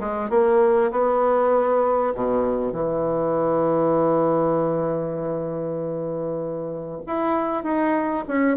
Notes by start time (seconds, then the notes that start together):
0.00 G#3
0.29 A#3
0.91 B3
2.15 B2
2.73 E3
7.06 E4
7.63 D#4
8.28 C#4